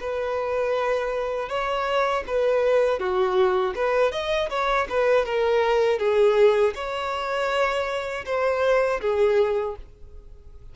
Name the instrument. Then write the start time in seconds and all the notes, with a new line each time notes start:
violin
0.00 B4
1.48 C#5
2.27 B4
2.99 F#4
3.75 B4
4.11 D#5
4.49 C#5
4.89 B4
5.25 A#4
5.99 G#4
6.75 C#5
8.25 C5
9.00 G#4